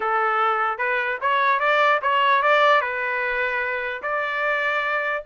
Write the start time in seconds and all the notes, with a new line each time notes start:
0.00 A4
0.78 B4
1.21 C#5
1.59 D5
2.02 C#5
2.42 D5
2.81 B4
4.02 D5